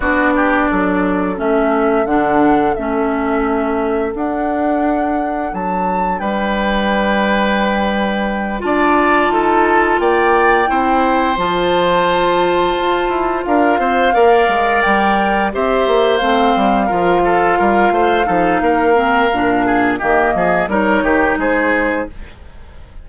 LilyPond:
<<
  \new Staff \with { instrumentName = "flute" } { \time 4/4 \tempo 4 = 87 d''2 e''4 fis''4 | e''2 fis''2 | a''4 g''2.~ | g''8 a''2 g''4.~ |
g''8 a''2. f''8~ | f''4. g''4 e''4 f''8~ | f''1~ | f''4 dis''4 cis''4 c''4 | }
  \new Staff \with { instrumentName = "oboe" } { \time 4/4 fis'8 g'8 a'2.~ | a'1~ | a'4 b'2.~ | b'8 d''4 a'4 d''4 c''8~ |
c''2.~ c''8 ais'8 | c''8 d''2 c''4.~ | c''8 ais'8 a'8 ais'8 c''8 a'8 ais'4~ | ais'8 gis'8 g'8 gis'8 ais'8 g'8 gis'4 | }
  \new Staff \with { instrumentName = "clarinet" } { \time 4/4 d'2 cis'4 d'4 | cis'2 d'2~ | d'1~ | d'8 f'2. e'8~ |
e'8 f'2.~ f'8~ | f'8 ais'2 g'4 c'8~ | c'8 f'2 dis'4 c'8 | d'4 ais4 dis'2 | }
  \new Staff \with { instrumentName = "bassoon" } { \time 4/4 b4 fis4 a4 d4 | a2 d'2 | fis4 g2.~ | g8 d'4 dis'4 ais4 c'8~ |
c'8 f2 f'8 e'8 d'8 | c'8 ais8 gis8 g4 c'8 ais8 a8 | g8 f4 g8 a8 f8 ais4 | ais,4 dis8 f8 g8 dis8 gis4 | }
>>